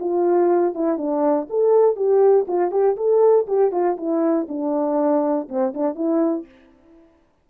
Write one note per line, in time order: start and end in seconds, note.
0.00 0.75 F4
0.75 0.98 E4
0.98 1.48 D4
1.50 1.96 A4
1.96 2.46 G4
2.48 2.71 F4
2.71 2.96 G4
2.97 3.47 A4
3.47 3.72 G4
3.72 3.97 F4
3.97 4.47 E4
4.49 5.49 D4
5.49 5.74 C4
5.74 5.95 D4
5.95 6.45 E4